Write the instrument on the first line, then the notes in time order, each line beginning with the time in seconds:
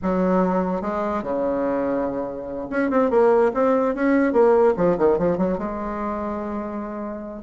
bassoon
0.02 F#3
0.81 G#3
1.22 C#3
2.70 C#4
2.90 C4
3.10 A#3
3.54 C4
3.94 C#4
4.32 A#3
4.77 F3
4.97 D#3
5.18 F3
5.37 F#3
5.58 G#3